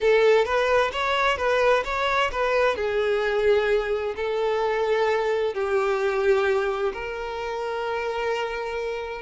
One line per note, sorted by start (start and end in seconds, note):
0.00 0.45 A4
0.45 0.91 B4
0.92 1.37 C#5
1.37 1.83 B4
1.84 2.30 C#5
2.31 2.76 B4
2.76 4.14 G#4
4.16 5.54 A4
5.54 6.92 G4
6.93 9.21 A#4